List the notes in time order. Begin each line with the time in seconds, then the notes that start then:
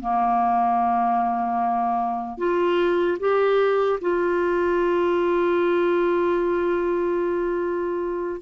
0.00 A#3
2.38 F4
3.20 G4
4.01 F4